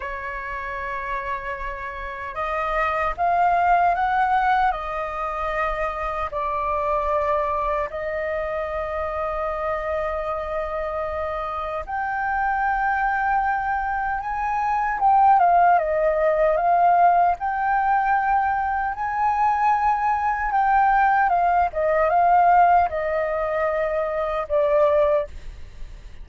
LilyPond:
\new Staff \with { instrumentName = "flute" } { \time 4/4 \tempo 4 = 76 cis''2. dis''4 | f''4 fis''4 dis''2 | d''2 dis''2~ | dis''2. g''4~ |
g''2 gis''4 g''8 f''8 | dis''4 f''4 g''2 | gis''2 g''4 f''8 dis''8 | f''4 dis''2 d''4 | }